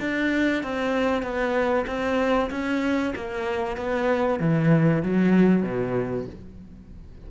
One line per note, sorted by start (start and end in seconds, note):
0.00 0.63 D4
0.63 1.22 C4
1.22 1.85 B3
1.87 2.50 C4
2.50 3.13 C#4
3.16 3.77 A#3
3.77 4.40 B3
4.40 5.03 E3
5.03 5.63 F#3
5.63 6.26 B2